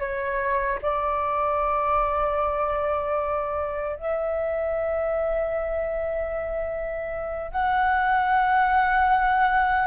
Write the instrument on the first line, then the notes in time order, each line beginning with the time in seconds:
flute
0.00 C#5
0.82 D5
3.97 E5
7.51 F#5